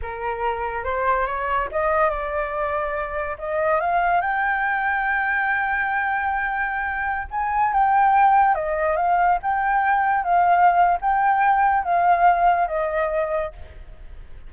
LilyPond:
\new Staff \with { instrumentName = "flute" } { \time 4/4 \tempo 4 = 142 ais'2 c''4 cis''4 | dis''4 d''2. | dis''4 f''4 g''2~ | g''1~ |
g''4~ g''16 gis''4 g''4.~ g''16~ | g''16 dis''4 f''4 g''4.~ g''16~ | g''16 f''4.~ f''16 g''2 | f''2 dis''2 | }